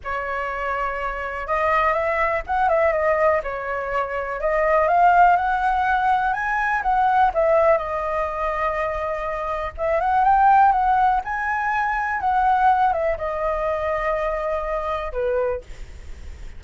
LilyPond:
\new Staff \with { instrumentName = "flute" } { \time 4/4 \tempo 4 = 123 cis''2. dis''4 | e''4 fis''8 e''8 dis''4 cis''4~ | cis''4 dis''4 f''4 fis''4~ | fis''4 gis''4 fis''4 e''4 |
dis''1 | e''8 fis''8 g''4 fis''4 gis''4~ | gis''4 fis''4. e''8 dis''4~ | dis''2. b'4 | }